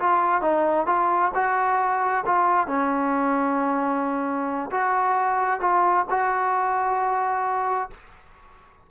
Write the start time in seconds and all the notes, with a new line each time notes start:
0.00 F4
0.42 D#4
0.87 F4
1.35 F#4
2.26 F4
2.68 C#4
4.71 F#4
5.61 F4
6.10 F#4